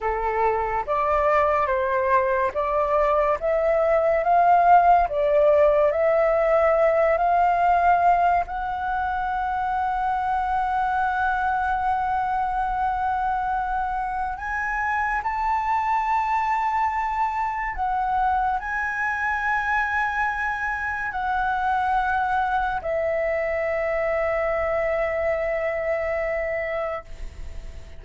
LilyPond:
\new Staff \with { instrumentName = "flute" } { \time 4/4 \tempo 4 = 71 a'4 d''4 c''4 d''4 | e''4 f''4 d''4 e''4~ | e''8 f''4. fis''2~ | fis''1~ |
fis''4 gis''4 a''2~ | a''4 fis''4 gis''2~ | gis''4 fis''2 e''4~ | e''1 | }